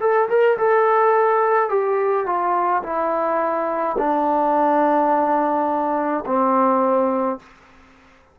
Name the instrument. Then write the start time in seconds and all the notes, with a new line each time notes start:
trombone
0.00 A4
0.29 A#4
0.58 A4
1.69 G4
2.26 F4
2.83 E4
3.98 D4
6.26 C4